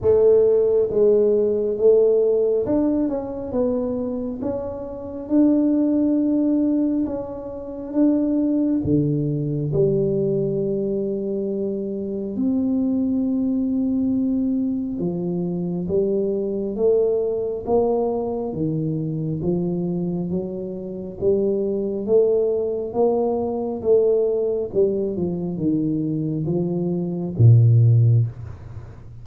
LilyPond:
\new Staff \with { instrumentName = "tuba" } { \time 4/4 \tempo 4 = 68 a4 gis4 a4 d'8 cis'8 | b4 cis'4 d'2 | cis'4 d'4 d4 g4~ | g2 c'2~ |
c'4 f4 g4 a4 | ais4 dis4 f4 fis4 | g4 a4 ais4 a4 | g8 f8 dis4 f4 ais,4 | }